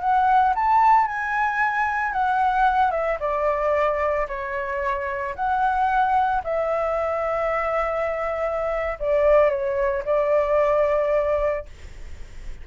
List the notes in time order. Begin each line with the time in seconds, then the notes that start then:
0.00 F#5
0.55 A5
1.07 G#5
2.12 F#5
2.91 E5
3.20 D5
4.28 C#5
5.35 F#5
6.44 E5
8.99 D5
9.49 C#5
10.05 D5